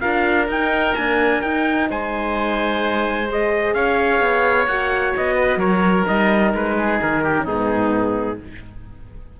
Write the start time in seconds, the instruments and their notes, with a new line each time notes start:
0.00 cello D4, horn F4, oboe A#4, trumpet F5
0.48 cello D#4, horn D#4, trumpet G5
0.94 horn A#3, cello D4, trumpet G#5
1.41 horn D#4, cello D#4, trumpet G5
1.90 cello G#3, oboe C5, trumpet G#5
3.28 horn G#4, trumpet D#5
3.73 cello C#4, oboe C#5, trumpet F5
4.20 cello B3
4.66 cello A#3, horn F#4, trumpet F#5
5.16 cello B3, trumpet D#5
5.34 oboe B4
5.56 cello F#3, oboe A#4, trumpet C#5
6.06 cello G3, horn D#4, trumpet D#5
6.53 cello G#3, trumpet B4
6.77 oboe G#4
7.02 cello D#3, trumpet A#4
7.23 oboe G4
7.37 horn C#4
7.44 cello G#2, horn B3, oboe D#4, trumpet G#4